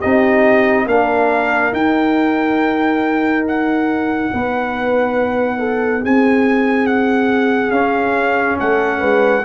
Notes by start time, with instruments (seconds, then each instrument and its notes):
0.00 tuba C4, trombone D#4, horn G4, trumpet D#5
0.86 tuba A#3, trombone D4, horn A#4, trumpet F5
1.73 tuba D#4, trombone D#4, trumpet G5
3.48 trumpet F#5
4.34 tuba B3, horn B4
5.59 horn A4
6.02 tuba C4, horn G#4, trumpet G#5
6.87 trumpet F#5
7.71 tuba C#4, trombone C#4, trumpet F5
8.60 tuba A3, horn A4, trumpet F#5
9.00 tuba G#3, horn B4